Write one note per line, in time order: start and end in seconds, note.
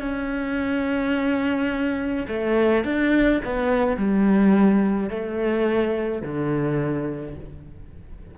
0.00 2.26 C#4
2.28 2.84 A3
2.84 3.41 D4
3.44 3.97 B3
3.97 5.09 G3
5.09 6.22 A3
6.22 7.35 D3